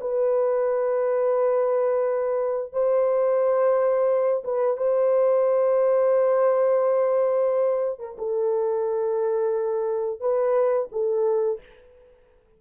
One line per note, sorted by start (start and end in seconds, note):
0.00 2.72 B4
2.72 4.43 C5
4.44 4.76 B4
4.76 7.99 C5
7.99 8.16 A#4
8.18 10.20 A4
10.20 10.88 B4
10.91 11.59 A4